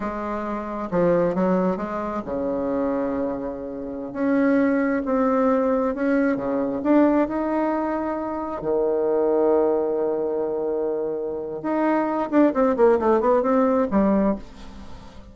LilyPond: \new Staff \with { instrumentName = "bassoon" } { \time 4/4 \tempo 4 = 134 gis2 f4 fis4 | gis4 cis2.~ | cis4~ cis16 cis'2 c'8.~ | c'4~ c'16 cis'4 cis4 d'8.~ |
d'16 dis'2. dis8.~ | dis1~ | dis2 dis'4. d'8 | c'8 ais8 a8 b8 c'4 g4 | }